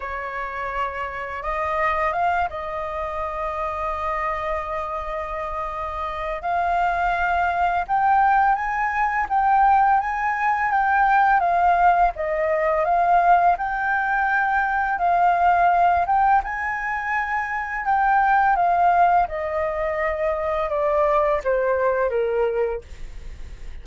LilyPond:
\new Staff \with { instrumentName = "flute" } { \time 4/4 \tempo 4 = 84 cis''2 dis''4 f''8 dis''8~ | dis''1~ | dis''4 f''2 g''4 | gis''4 g''4 gis''4 g''4 |
f''4 dis''4 f''4 g''4~ | g''4 f''4. g''8 gis''4~ | gis''4 g''4 f''4 dis''4~ | dis''4 d''4 c''4 ais'4 | }